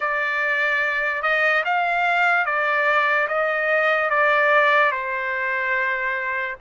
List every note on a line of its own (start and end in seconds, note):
0.00 1.22 D5
1.22 1.63 D#5
1.64 2.45 F5
2.45 3.27 D5
3.28 4.10 D#5
4.10 4.91 D5
4.91 6.55 C5